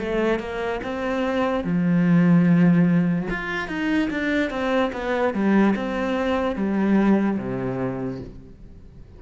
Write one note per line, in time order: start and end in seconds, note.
0.00 0.40 A3
0.40 0.81 A#3
0.84 1.64 C4
1.64 3.29 F3
3.30 3.68 F4
3.68 4.09 D#4
4.11 4.51 D4
4.51 4.92 C4
4.93 5.34 B3
5.34 5.75 G3
5.76 6.56 C4
6.56 7.38 G3
7.39 8.21 C3